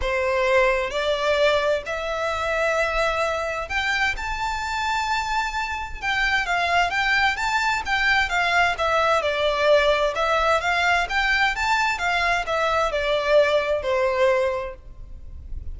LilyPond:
\new Staff \with { instrumentName = "violin" } { \time 4/4 \tempo 4 = 130 c''2 d''2 | e''1 | g''4 a''2.~ | a''4 g''4 f''4 g''4 |
a''4 g''4 f''4 e''4 | d''2 e''4 f''4 | g''4 a''4 f''4 e''4 | d''2 c''2 | }